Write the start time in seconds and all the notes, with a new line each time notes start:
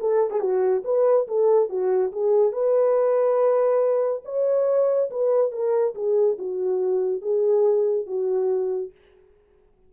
0.00 A4
0.30 G#4
0.40 F#4
0.85 B4
1.28 A4
1.69 F#4
2.12 G#4
2.53 B4
4.25 C#5
5.10 B4
5.52 A#4
5.95 G#4
6.38 F#4
7.22 G#4
8.07 F#4